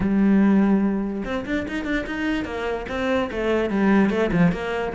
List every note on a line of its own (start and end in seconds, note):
0.00 1.23 G3
1.24 1.45 C4
1.45 1.66 D4
1.68 1.84 D#4
1.84 2.05 D4
2.06 2.44 D#4
2.44 2.85 A#3
2.89 3.30 C4
3.31 3.70 A3
3.70 4.09 G3
4.09 4.30 A3
4.32 4.52 F3
4.52 4.93 A#3